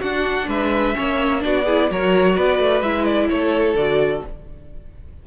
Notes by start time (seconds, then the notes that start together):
0.00 D4 F#4 F#5
0.47 G#3 B4 E5
0.95 A#3 C#4 C#5
1.40 B3 D4 F#4 D5
1.64 E4 G#4
1.91 F#3 F#4 A#4 C#5
2.34 B3 B4 D5
2.59 A3
2.81 G#3 E4 E5
3.04 D5
3.29 A3 A4 C#5
3.74 D3 F#4 D5